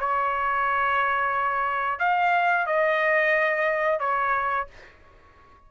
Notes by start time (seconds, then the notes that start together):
0.00 C#5
1.99 F5
2.67 D#5
4.00 C#5